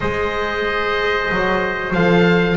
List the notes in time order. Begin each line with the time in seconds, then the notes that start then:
0.00 G#3 G#4 C5 D#5
1.30 F#3
1.93 F3 A4 F5